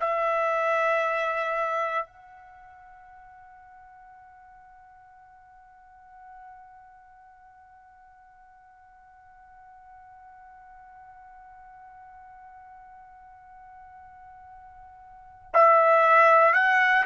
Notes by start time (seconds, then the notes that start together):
0.00 E5
2.06 F#5
15.54 E5
16.54 F#5